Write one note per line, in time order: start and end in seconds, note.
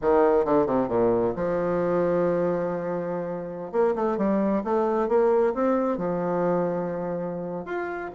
0.01 0.45 D#3
0.45 0.66 D3
0.66 0.88 C3
0.88 1.33 A#2
1.35 3.71 F3
3.71 3.94 A#3
3.95 4.17 A3
4.17 4.62 G3
4.64 5.08 A3
5.08 5.53 A#3
5.54 5.97 C4
5.97 7.65 F3
7.65 8.10 F4